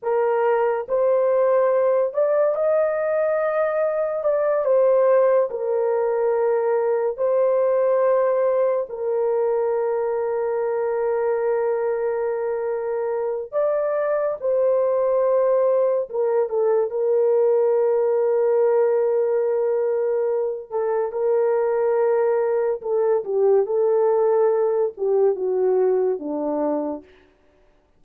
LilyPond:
\new Staff \with { instrumentName = "horn" } { \time 4/4 \tempo 4 = 71 ais'4 c''4. d''8 dis''4~ | dis''4 d''8 c''4 ais'4.~ | ais'8 c''2 ais'4.~ | ais'1 |
d''4 c''2 ais'8 a'8 | ais'1~ | ais'8 a'8 ais'2 a'8 g'8 | a'4. g'8 fis'4 d'4 | }